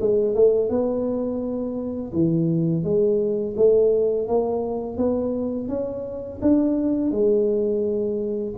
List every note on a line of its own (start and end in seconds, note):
0.00 0.34 G#3
0.34 0.69 A3
0.69 2.12 B3
2.13 2.83 E3
2.83 3.55 G#3
3.56 4.27 A3
4.27 4.97 A#3
4.97 5.68 B3
5.68 6.39 C#4
6.41 7.11 D4
7.11 8.54 G#3